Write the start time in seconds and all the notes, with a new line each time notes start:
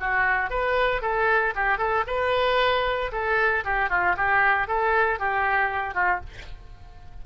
0.00 F#4
0.50 B4
1.02 A4
1.55 G4
1.78 A4
2.06 B4
3.12 A4
3.64 G4
3.89 F4
4.16 G4
4.67 A4
5.19 G4
5.94 F4